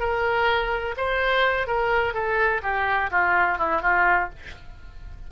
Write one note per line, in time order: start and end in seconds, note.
0.00 0.95 A#4
0.97 1.67 C5
1.67 2.14 A#4
2.14 2.61 A4
2.63 3.10 G4
3.11 3.58 F4
3.58 3.82 E4
3.82 4.29 F4